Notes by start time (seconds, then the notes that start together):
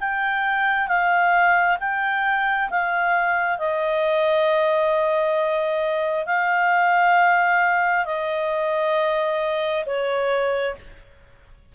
0.00 G5
0.87 F5
1.80 G5
2.70 F5
3.58 D#5
6.26 F5
8.05 D#5
9.85 C#5